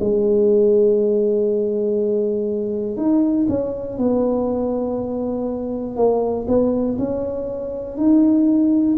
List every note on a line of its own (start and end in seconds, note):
0.00 2.97 G#3
2.97 3.47 D#4
3.48 3.97 C#4
3.97 5.96 B3
5.96 6.46 A#3
6.47 6.97 B3
6.98 7.97 C#4
7.97 8.97 D#4